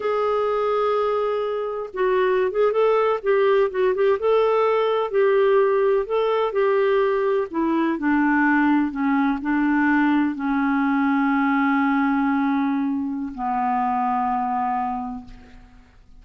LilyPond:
\new Staff \with { instrumentName = "clarinet" } { \time 4/4 \tempo 4 = 126 gis'1 | fis'4~ fis'16 gis'8 a'4 g'4 fis'16~ | fis'16 g'8 a'2 g'4~ g'16~ | g'8. a'4 g'2 e'16~ |
e'8. d'2 cis'4 d'16~ | d'4.~ d'16 cis'2~ cis'16~ | cis'1 | b1 | }